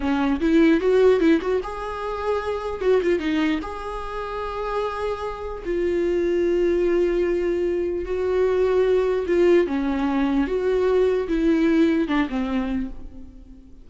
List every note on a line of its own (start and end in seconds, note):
0.00 0.40 C#4
0.40 0.80 E4
0.80 1.20 F#4
1.20 1.40 E4
1.41 1.61 F#4
1.63 2.81 G#4
2.81 3.01 F#4
3.02 3.19 F4
3.19 3.59 D#4
3.61 5.63 G#4
5.65 8.05 F4
8.05 9.25 F#4
9.27 9.66 F4
9.66 10.47 C#4
10.47 11.27 F#4
11.28 12.07 E4
12.07 12.28 D4
12.29 12.89 C4